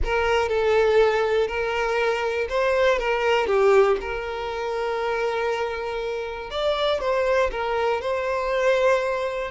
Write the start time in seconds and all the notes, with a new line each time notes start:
0.04 A#4
0.48 A4
1.47 A#4
2.49 C5
2.98 A#4
3.46 G4
4.00 A#4
6.50 D5
7.00 C5
7.51 A#4
8.01 C5